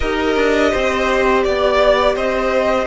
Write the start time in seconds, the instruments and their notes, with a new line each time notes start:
0.00 cello D#4, viola G4, violin A#4 D#5
0.36 cello D4
0.71 cello C4, violin C5
1.43 cello B3, violin D5
2.15 cello C4, violin C5 D#5